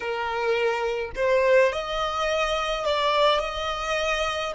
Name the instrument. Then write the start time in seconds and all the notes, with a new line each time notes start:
violin
0.00 A#4
1.15 C5
1.72 D#5
2.85 D5
3.40 D#5